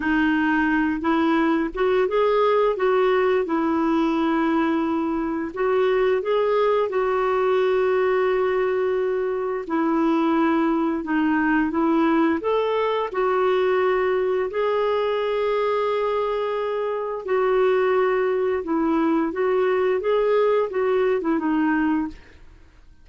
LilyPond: \new Staff \with { instrumentName = "clarinet" } { \time 4/4 \tempo 4 = 87 dis'4. e'4 fis'8 gis'4 | fis'4 e'2. | fis'4 gis'4 fis'2~ | fis'2 e'2 |
dis'4 e'4 a'4 fis'4~ | fis'4 gis'2.~ | gis'4 fis'2 e'4 | fis'4 gis'4 fis'8. e'16 dis'4 | }